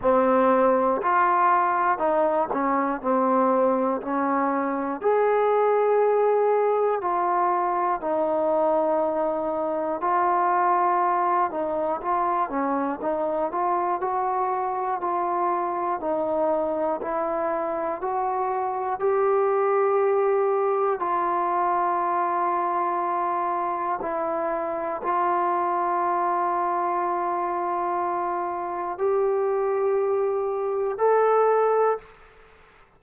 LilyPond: \new Staff \with { instrumentName = "trombone" } { \time 4/4 \tempo 4 = 60 c'4 f'4 dis'8 cis'8 c'4 | cis'4 gis'2 f'4 | dis'2 f'4. dis'8 | f'8 cis'8 dis'8 f'8 fis'4 f'4 |
dis'4 e'4 fis'4 g'4~ | g'4 f'2. | e'4 f'2.~ | f'4 g'2 a'4 | }